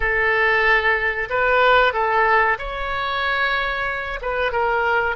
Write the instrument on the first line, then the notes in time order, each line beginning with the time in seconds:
oboe
0.00 A4
1.29 B4
1.93 A4
2.58 C#5
4.21 B4
4.52 A#4